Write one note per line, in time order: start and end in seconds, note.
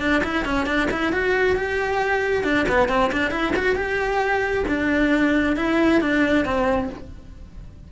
0.00 0.22 D4
0.24 0.45 E4
0.45 0.66 C#4
0.66 0.88 D4
0.91 1.13 E4
1.13 1.56 F#4
1.56 2.44 G4
2.44 2.66 D4
2.68 2.89 B3
2.89 3.11 C4
3.12 3.31 D4
3.31 3.54 E4
3.56 3.76 F#4
3.76 4.65 G4
4.68 5.56 D4
5.56 6.01 E4
6.01 6.45 D4
6.45 6.90 C4